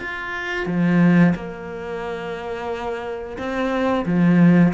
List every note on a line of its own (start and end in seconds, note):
0.00 0.67 F4
0.67 1.34 F3
1.36 3.38 A#3
3.38 4.05 C4
4.06 4.74 F3